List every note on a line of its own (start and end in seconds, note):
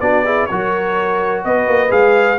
0.00 0.49 B3
0.00 0.25 D4
0.00 0.24 F#4
0.00 0.46 D5
0.24 0.49 E4
0.24 0.47 G#4
0.46 1.44 F#3
0.46 1.89 F#4
0.46 1.45 A#4
0.46 1.41 C#5
1.44 1.67 B3
1.44 2.39 B4
1.44 1.91 D#5
1.67 1.91 A#3
1.89 2.39 G#3
1.89 2.37 G#4
1.89 2.39 F5